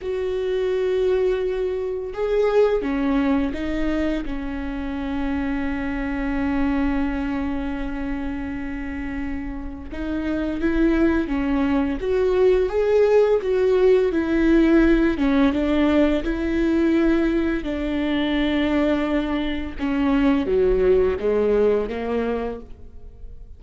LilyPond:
\new Staff \with { instrumentName = "viola" } { \time 4/4 \tempo 4 = 85 fis'2. gis'4 | cis'4 dis'4 cis'2~ | cis'1~ | cis'2 dis'4 e'4 |
cis'4 fis'4 gis'4 fis'4 | e'4. cis'8 d'4 e'4~ | e'4 d'2. | cis'4 fis4 gis4 ais4 | }